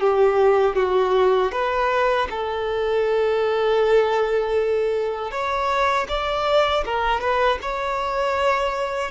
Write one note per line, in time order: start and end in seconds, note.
0.00 0.76 G4
0.76 1.52 F#4
1.52 2.28 B4
2.30 5.31 A4
5.31 6.07 C#5
6.08 6.84 D5
6.85 7.20 A#4
7.20 7.58 B4
7.62 9.11 C#5